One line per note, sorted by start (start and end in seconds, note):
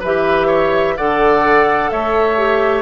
0.00 0.98 E3
0.00 0.97 G4
0.00 0.47 B4
0.00 0.97 E5
0.47 0.94 C#5
0.97 1.92 D3
0.97 2.37 A4
0.97 1.91 D5
0.97 1.91 F#5
1.91 2.81 A3
1.91 2.81 C#5
1.91 2.81 E5
2.37 2.81 G4